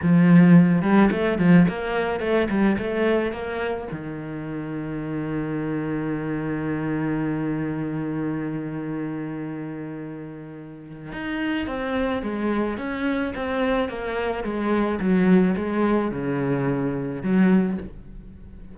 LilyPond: \new Staff \with { instrumentName = "cello" } { \time 4/4 \tempo 4 = 108 f4. g8 a8 f8 ais4 | a8 g8 a4 ais4 dis4~ | dis1~ | dis1~ |
dis1 | dis'4 c'4 gis4 cis'4 | c'4 ais4 gis4 fis4 | gis4 cis2 fis4 | }